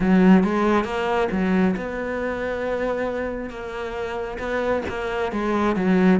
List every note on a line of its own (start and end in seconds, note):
0.00 0.43 F#3
0.43 0.84 G#3
0.84 1.28 A#3
1.31 1.75 F#3
1.76 3.49 B3
3.49 4.38 A#3
4.38 4.82 B3
4.88 5.32 A#3
5.32 5.76 G#3
5.76 6.20 F#3